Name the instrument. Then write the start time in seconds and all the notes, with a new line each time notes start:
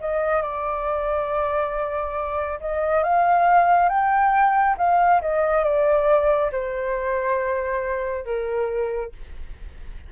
flute
0.00 D#5
0.42 D5
2.60 D#5
3.03 F5
3.89 G5
4.77 F5
5.21 D#5
5.64 D5
6.51 C5
8.25 A#4